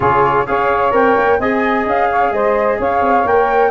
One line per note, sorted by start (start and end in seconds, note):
0.00 0.45 C#3
0.00 0.46 F4
0.00 0.46 G#4
0.00 0.46 C#5
0.46 0.92 C#4
0.46 0.91 G#4
0.46 1.39 C#5
0.46 0.93 F5
0.91 1.16 C4
0.91 1.37 A#4
0.91 1.40 G5
1.17 1.39 A#3
1.39 1.85 C4
1.39 3.26 G#4
1.39 2.09 D#5
1.39 1.87 G#5
1.86 2.31 C#4
1.86 2.32 F5
2.10 2.33 C#5
2.31 2.78 G#3
2.31 2.78 C5
2.31 2.79 D#5
2.78 3.01 C#4
2.78 3.71 C#5
2.78 3.27 F5
3.01 3.24 C4
3.24 3.71 A#3
3.24 3.71 A#4
3.24 3.71 G5